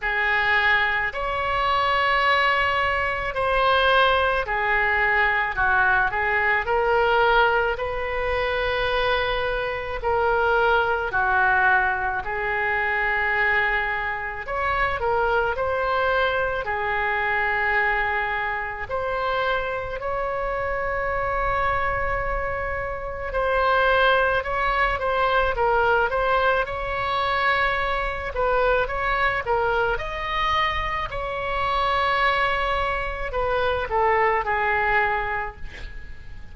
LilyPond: \new Staff \with { instrumentName = "oboe" } { \time 4/4 \tempo 4 = 54 gis'4 cis''2 c''4 | gis'4 fis'8 gis'8 ais'4 b'4~ | b'4 ais'4 fis'4 gis'4~ | gis'4 cis''8 ais'8 c''4 gis'4~ |
gis'4 c''4 cis''2~ | cis''4 c''4 cis''8 c''8 ais'8 c''8 | cis''4. b'8 cis''8 ais'8 dis''4 | cis''2 b'8 a'8 gis'4 | }